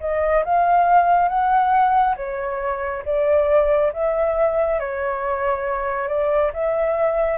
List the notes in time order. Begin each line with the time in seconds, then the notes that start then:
0.00 D#5
0.44 F5
1.28 F#5
2.16 C#5
3.05 D5
3.92 E5
4.79 C#5
6.08 D5
6.53 E5